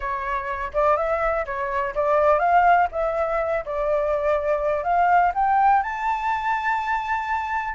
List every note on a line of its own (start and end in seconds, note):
0.00 0.71 C#5
0.73 0.96 D5
0.96 1.45 E5
1.45 1.94 C#5
1.95 2.39 D5
2.39 2.87 F5
2.91 3.64 E5
3.65 4.83 D5
4.83 5.32 F5
5.34 5.82 G5
5.82 7.74 A5